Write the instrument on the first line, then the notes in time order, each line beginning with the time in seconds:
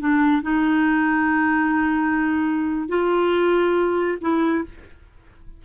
clarinet
0.00 D4
0.42 D#4
2.89 F4
4.21 E4